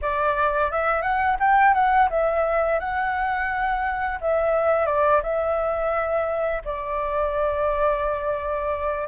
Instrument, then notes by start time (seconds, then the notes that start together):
flute
0.01 D5
0.71 E5
1.01 F#5
1.40 G5
1.73 F#5
2.10 E5
2.79 F#5
4.20 E5
4.86 D5
5.23 E5
6.64 D5